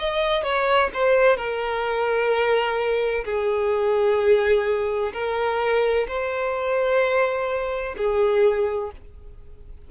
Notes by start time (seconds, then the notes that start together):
0.00 D#5
0.44 C#5
0.94 C5
1.37 A#4
3.25 G#4
5.14 A#4
6.08 C5
7.98 G#4